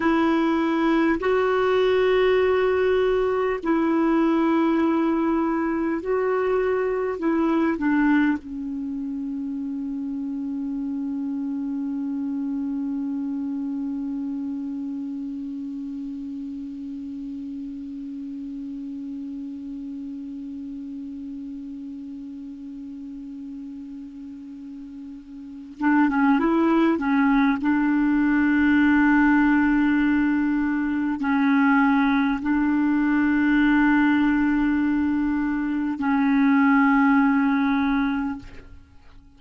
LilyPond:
\new Staff \with { instrumentName = "clarinet" } { \time 4/4 \tempo 4 = 50 e'4 fis'2 e'4~ | e'4 fis'4 e'8 d'8 cis'4~ | cis'1~ | cis'1~ |
cis'1~ | cis'4. d'16 cis'16 e'8 cis'8 d'4~ | d'2 cis'4 d'4~ | d'2 cis'2 | }